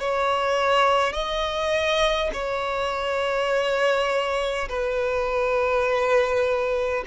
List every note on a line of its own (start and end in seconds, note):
0.00 1.13 C#5
1.13 2.30 D#5
2.34 4.69 C#5
4.69 7.04 B4